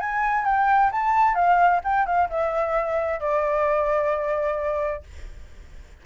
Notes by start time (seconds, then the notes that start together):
0.00 G#5
0.45 G5
0.92 A5
1.35 F5
1.84 G5
2.06 F5
2.29 E5
3.20 D5